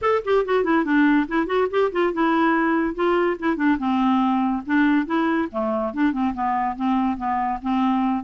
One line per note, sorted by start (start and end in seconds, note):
0.01 0.22 A4
0.24 0.45 G4
0.45 0.64 F#4
0.64 0.84 E4
0.84 1.27 D4
1.28 1.46 E4
1.46 1.67 F#4
1.70 1.91 G4
1.91 2.13 F4
2.13 2.95 E4
2.95 3.37 F4
3.39 3.56 E4
3.56 3.77 D4
3.78 4.63 C4
4.66 5.06 D4
5.06 5.48 E4
5.51 5.93 A3
5.93 6.12 D4
6.12 6.33 C4
6.34 6.76 B3
6.76 7.17 C4
7.17 7.59 B3
7.62 8.24 C4